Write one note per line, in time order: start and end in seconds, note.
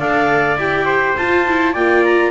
0.00 0.57 D4
0.00 0.58 A4
0.00 0.86 D5
0.00 0.58 F5
0.57 1.15 E4
0.57 1.17 G4
0.57 1.17 G5
0.86 1.73 C5
1.17 1.76 F4
1.17 1.47 F4
1.17 1.74 A5
1.47 1.76 E4
1.73 2.32 A#3
1.73 2.32 F4
1.73 2.31 D5
1.73 2.04 G5
2.04 2.32 A#5